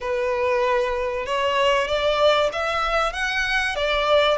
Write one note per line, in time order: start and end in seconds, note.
0.01 1.26 B4
1.26 1.87 C#5
1.87 2.50 D5
2.52 3.12 E5
3.12 3.75 F#5
3.75 4.38 D5